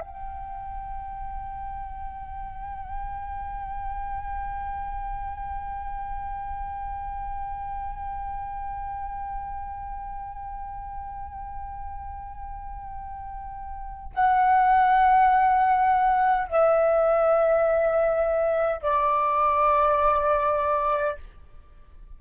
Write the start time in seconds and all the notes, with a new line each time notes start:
0.00 G5
14.14 F#5
16.48 E5
18.82 D5